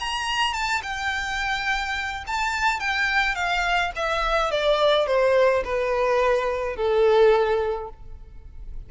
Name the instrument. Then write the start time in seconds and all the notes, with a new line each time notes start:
violin
0.00 A#5
0.54 A5
0.83 G5
2.27 A5
2.80 G5
3.35 F5
3.96 E5
4.51 D5
5.07 C5
5.64 B4
6.76 A4